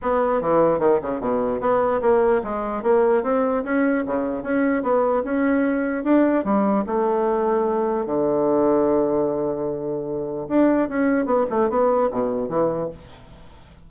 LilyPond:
\new Staff \with { instrumentName = "bassoon" } { \time 4/4 \tempo 4 = 149 b4 e4 dis8 cis8 b,4 | b4 ais4 gis4 ais4 | c'4 cis'4 cis4 cis'4 | b4 cis'2 d'4 |
g4 a2. | d1~ | d2 d'4 cis'4 | b8 a8 b4 b,4 e4 | }